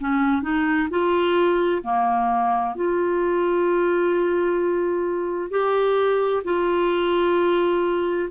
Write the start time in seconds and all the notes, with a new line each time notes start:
0.00 C#4
0.42 D#4
0.90 F4
1.83 A#3
2.75 F4
5.50 G4
6.44 F4